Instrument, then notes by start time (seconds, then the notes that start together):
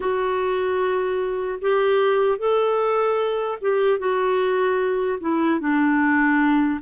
clarinet
0.00 F#4
1.61 G4
2.38 A4
3.61 G4
3.98 F#4
5.20 E4
5.60 D4